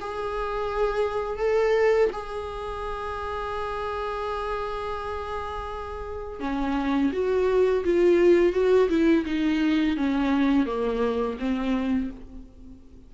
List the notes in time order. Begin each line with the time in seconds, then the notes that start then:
0.00 G#4
1.38 A4
2.12 G#4
6.40 C#4
7.12 F#4
7.84 F4
8.53 F#4
8.89 E4
9.25 D#4
9.96 C#4
10.65 A#3
11.39 C4